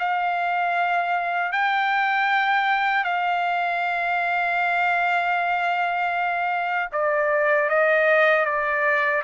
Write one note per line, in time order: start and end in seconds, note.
0.00 1.53 F5
1.53 3.05 G5
3.05 6.90 F5
6.93 7.70 D5
7.70 8.46 D#5
8.46 9.23 D5